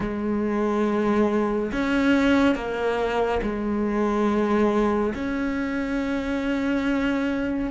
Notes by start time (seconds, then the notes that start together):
0.00 G#3
1.71 C#4
2.55 A#3
3.42 G#3
5.14 C#4